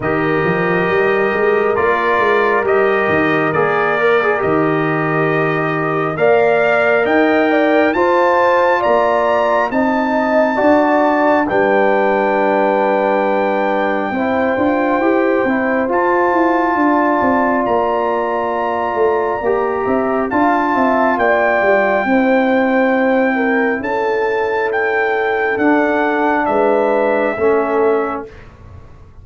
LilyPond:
<<
  \new Staff \with { instrumentName = "trumpet" } { \time 4/4 \tempo 4 = 68 dis''2 d''4 dis''4 | d''4 dis''2 f''4 | g''4 a''4 ais''4 a''4~ | a''4 g''2.~ |
g''2 a''2 | ais''2. a''4 | g''2. a''4 | g''4 fis''4 e''2 | }
  \new Staff \with { instrumentName = "horn" } { \time 4/4 ais'1~ | ais'2. d''4 | dis''8 d''8 c''4 d''4 dis''4 | d''4 b'2. |
c''2. d''4~ | d''2~ d''8 e''8 f''8 e''8 | d''4 c''4. ais'8 a'4~ | a'2 b'4 a'4 | }
  \new Staff \with { instrumentName = "trombone" } { \time 4/4 g'2 f'4 g'4 | gis'8 ais'16 gis'16 g'2 ais'4~ | ais'4 f'2 dis'4 | fis'4 d'2. |
e'8 f'8 g'8 e'8 f'2~ | f'2 g'4 f'4~ | f'4 e'2.~ | e'4 d'2 cis'4 | }
  \new Staff \with { instrumentName = "tuba" } { \time 4/4 dis8 f8 g8 gis8 ais8 gis8 g8 dis8 | ais4 dis2 ais4 | dis'4 f'4 ais4 c'4 | d'4 g2. |
c'8 d'8 e'8 c'8 f'8 e'8 d'8 c'8 | ais4. a8 ais8 c'8 d'8 c'8 | ais8 g8 c'2 cis'4~ | cis'4 d'4 gis4 a4 | }
>>